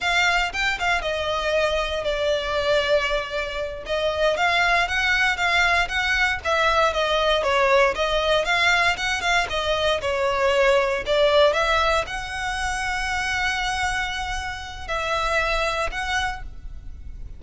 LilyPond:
\new Staff \with { instrumentName = "violin" } { \time 4/4 \tempo 4 = 117 f''4 g''8 f''8 dis''2 | d''2.~ d''8 dis''8~ | dis''8 f''4 fis''4 f''4 fis''8~ | fis''8 e''4 dis''4 cis''4 dis''8~ |
dis''8 f''4 fis''8 f''8 dis''4 cis''8~ | cis''4. d''4 e''4 fis''8~ | fis''1~ | fis''4 e''2 fis''4 | }